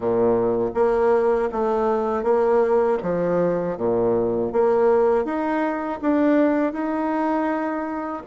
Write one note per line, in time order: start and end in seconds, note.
0.00 0.71 A#2
0.74 1.49 A#3
1.52 2.23 A3
2.23 2.98 A#3
3.02 3.77 F3
3.77 4.52 A#2
4.52 5.24 A#3
5.24 5.99 D#4
6.01 6.72 D4
6.72 8.22 D#4